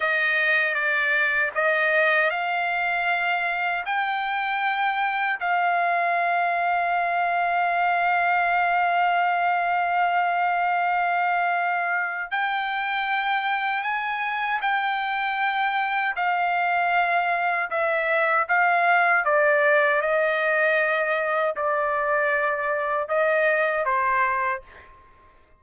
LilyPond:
\new Staff \with { instrumentName = "trumpet" } { \time 4/4 \tempo 4 = 78 dis''4 d''4 dis''4 f''4~ | f''4 g''2 f''4~ | f''1~ | f''1 |
g''2 gis''4 g''4~ | g''4 f''2 e''4 | f''4 d''4 dis''2 | d''2 dis''4 c''4 | }